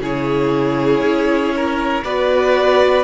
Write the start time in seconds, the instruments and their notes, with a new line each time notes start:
0.00 cello C#3, viola E4, violin G#4 C#5
1.01 cello C#4
1.56 violin A#4
2.04 cello B3, viola F#4, violin B4 D5